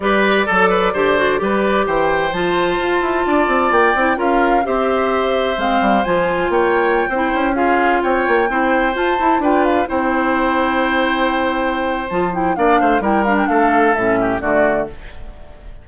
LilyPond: <<
  \new Staff \with { instrumentName = "flute" } { \time 4/4 \tempo 4 = 129 d''1 | g''4 a''2. | g''4 f''4 e''2 | f''4 gis''4 g''2~ |
g''16 f''4 g''2 a''8.~ | a''16 g''8 f''8 g''2~ g''8.~ | g''2 a''8 g''8 f''4 | g''8 f''16 g''16 f''4 e''4 d''4 | }
  \new Staff \with { instrumentName = "oboe" } { \time 4/4 b'4 a'8 b'8 c''4 b'4 | c''2. d''4~ | d''4 ais'4 c''2~ | c''2 cis''4~ cis''16 c''8.~ |
c''16 gis'4 cis''4 c''4.~ c''16~ | c''16 b'4 c''2~ c''8.~ | c''2. d''8 c''8 | ais'4 a'4. g'8 fis'4 | }
  \new Staff \with { instrumentName = "clarinet" } { \time 4/4 g'4 a'4 g'8 fis'8 g'4~ | g'4 f'2.~ | f'8 e'8 f'4 g'2 | c'4 f'2~ f'16 e'8.~ |
e'16 f'2 e'4 f'8 e'16~ | e'16 f'4 e'2~ e'8.~ | e'2 f'8 e'8 d'4 | e'8 d'4. cis'4 a4 | }
  \new Staff \with { instrumentName = "bassoon" } { \time 4/4 g4 fis4 d4 g4 | e4 f4 f'8 e'8 d'8 c'8 | ais8 c'8 cis'4 c'2 | gis8 g8 f4 ais4~ ais16 c'8 cis'16~ |
cis'4~ cis'16 c'8 ais8 c'4 f'8 e'16~ | e'16 d'4 c'2~ c'8.~ | c'2 f4 ais8 a8 | g4 a4 a,4 d4 | }
>>